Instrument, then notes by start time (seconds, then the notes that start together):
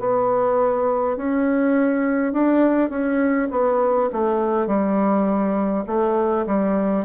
bassoon
0.00 B3
1.17 C#4
2.33 D4
2.90 C#4
3.51 B3
4.13 A3
4.67 G3
5.87 A3
6.47 G3